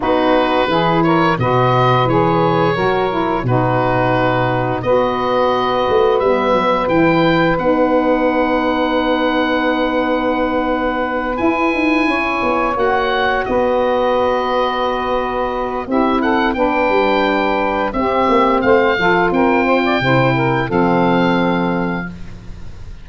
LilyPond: <<
  \new Staff \with { instrumentName = "oboe" } { \time 4/4 \tempo 4 = 87 b'4. cis''8 dis''4 cis''4~ | cis''4 b'2 dis''4~ | dis''4 e''4 g''4 fis''4~ | fis''1~ |
fis''8 gis''2 fis''4 dis''8~ | dis''2. e''8 fis''8 | g''2 e''4 f''4 | g''2 f''2 | }
  \new Staff \with { instrumentName = "saxophone" } { \time 4/4 fis'4 gis'8 ais'8 b'2 | ais'4 fis'2 b'4~ | b'1~ | b'1~ |
b'4. cis''2 b'8~ | b'2. g'8 a'8 | b'2 g'4 c''8 a'8 | ais'8 c''16 d''16 c''8 ais'8 a'2 | }
  \new Staff \with { instrumentName = "saxophone" } { \time 4/4 dis'4 e'4 fis'4 gis'4 | fis'8 e'8 dis'2 fis'4~ | fis'4 b4 e'4 dis'4~ | dis'1~ |
dis'8 e'2 fis'4.~ | fis'2. e'4 | d'2 c'4. f'8~ | f'4 e'4 c'2 | }
  \new Staff \with { instrumentName = "tuba" } { \time 4/4 b4 e4 b,4 e4 | fis4 b,2 b4~ | b8 a8 g8 fis8 e4 b4~ | b1~ |
b8 e'8 dis'8 cis'8 b8 ais4 b8~ | b2. c'4 | b8 g4. c'8 ais8 a8 f8 | c'4 c4 f2 | }
>>